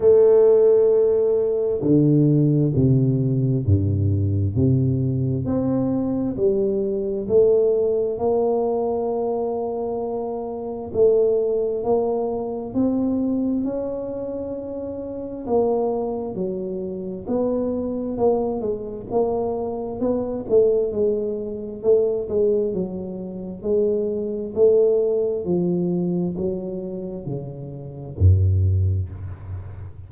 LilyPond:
\new Staff \with { instrumentName = "tuba" } { \time 4/4 \tempo 4 = 66 a2 d4 c4 | g,4 c4 c'4 g4 | a4 ais2. | a4 ais4 c'4 cis'4~ |
cis'4 ais4 fis4 b4 | ais8 gis8 ais4 b8 a8 gis4 | a8 gis8 fis4 gis4 a4 | f4 fis4 cis4 fis,4 | }